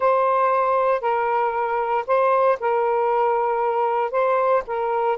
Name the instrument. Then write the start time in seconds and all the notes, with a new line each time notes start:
saxophone
0.00 C5
1.01 A#4
2.06 C5
2.60 A#4
4.11 C5
4.66 A#4